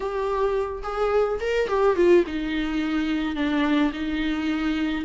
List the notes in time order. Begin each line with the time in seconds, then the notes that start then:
0.00 G4
0.83 G#4
1.40 A#4
1.67 G4
1.96 F4
2.26 D#4
3.35 D4
3.93 D#4